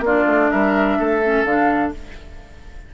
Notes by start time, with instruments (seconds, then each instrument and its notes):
0.00 bassoon A#3, clarinet D4, oboe F4, flute D5
0.27 bassoon A3
0.51 bassoon G3, oboe A#4, flute E5
0.99 bassoon A3, oboe A4
1.23 clarinet C#4
1.44 bassoon D3, clarinet D4, flute F5